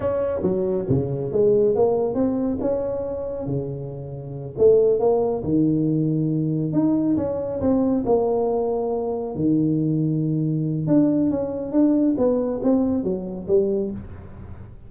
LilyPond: \new Staff \with { instrumentName = "tuba" } { \time 4/4 \tempo 4 = 138 cis'4 fis4 cis4 gis4 | ais4 c'4 cis'2 | cis2~ cis8 a4 ais8~ | ais8 dis2. dis'8~ |
dis'8 cis'4 c'4 ais4.~ | ais4. dis2~ dis8~ | dis4 d'4 cis'4 d'4 | b4 c'4 fis4 g4 | }